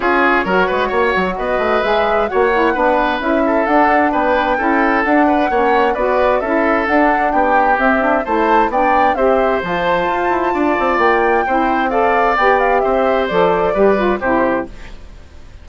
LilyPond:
<<
  \new Staff \with { instrumentName = "flute" } { \time 4/4 \tempo 4 = 131 cis''2. dis''4 | e''4 fis''2 e''4 | fis''4 g''2 fis''4~ | fis''4 d''4 e''4 fis''4 |
g''4 e''4 a''4 g''4 | e''4 a''2. | g''2 f''4 g''8 f''8 | e''4 d''2 c''4 | }
  \new Staff \with { instrumentName = "oboe" } { \time 4/4 gis'4 ais'8 b'8 cis''4 b'4~ | b'4 cis''4 b'4. a'8~ | a'4 b'4 a'4. b'8 | cis''4 b'4 a'2 |
g'2 c''4 d''4 | c''2. d''4~ | d''4 c''4 d''2 | c''2 b'4 g'4 | }
  \new Staff \with { instrumentName = "saxophone" } { \time 4/4 f'4 fis'2. | gis'4 fis'8 e'8 d'4 e'4 | d'2 e'4 d'4 | cis'4 fis'4 e'4 d'4~ |
d'4 c'8 d'8 e'4 d'4 | g'4 f'2.~ | f'4 e'4 a'4 g'4~ | g'4 a'4 g'8 f'8 e'4 | }
  \new Staff \with { instrumentName = "bassoon" } { \time 4/4 cis'4 fis8 gis8 ais8 fis8 b8 a8 | gis4 ais4 b4 cis'4 | d'4 b4 cis'4 d'4 | ais4 b4 cis'4 d'4 |
b4 c'4 a4 b4 | c'4 f4 f'8 e'8 d'8 c'8 | ais4 c'2 b4 | c'4 f4 g4 c4 | }
>>